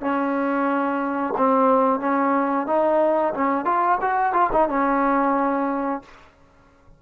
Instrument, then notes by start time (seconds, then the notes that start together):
trombone
0.00 C#4
1.37 C4
1.99 C#4
2.66 D#4
3.33 C#4
3.65 F4
4.01 F#4
4.33 F4
4.52 D#4
4.68 C#4